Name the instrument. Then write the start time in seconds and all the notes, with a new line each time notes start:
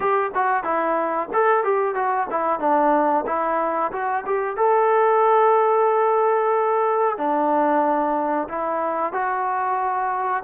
trombone
0.00 G4
0.34 F#4
0.63 E4
1.33 A4
1.64 G4
1.94 F#4
2.30 E4
2.59 D4
3.26 E4
3.91 F#4
4.25 G4
4.56 A4
7.17 D4
8.48 E4
9.12 F#4